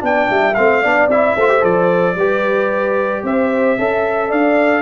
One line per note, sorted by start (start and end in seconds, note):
0.00 0.29 B3
0.00 0.54 D4
0.00 0.29 D5
0.00 0.55 G5
0.30 0.57 G3
0.30 0.83 E5
0.55 0.85 A3
0.55 0.84 C4
0.55 1.08 F5
0.83 1.08 B3
0.83 1.11 D4
0.83 1.36 D5
1.08 1.34 C4
1.08 1.39 E4
1.08 1.65 E5
1.36 1.63 A3
1.36 1.49 F4
1.36 2.17 C5
1.49 1.61 G4
1.61 2.16 F3
1.61 2.15 A4
1.61 3.25 D5
2.16 3.23 G3
2.16 3.79 G4
2.16 3.25 B4
3.24 3.78 C4
3.24 3.80 C5
3.24 4.32 E5
3.79 4.32 C#4
3.79 4.82 A4
3.79 4.29 E5
4.29 4.82 D4
4.29 4.82 D5
4.29 4.82 F5